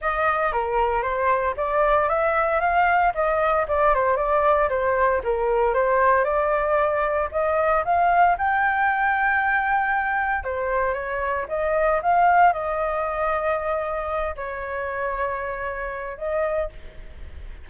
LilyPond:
\new Staff \with { instrumentName = "flute" } { \time 4/4 \tempo 4 = 115 dis''4 ais'4 c''4 d''4 | e''4 f''4 dis''4 d''8 c''8 | d''4 c''4 ais'4 c''4 | d''2 dis''4 f''4 |
g''1 | c''4 cis''4 dis''4 f''4 | dis''2.~ dis''8 cis''8~ | cis''2. dis''4 | }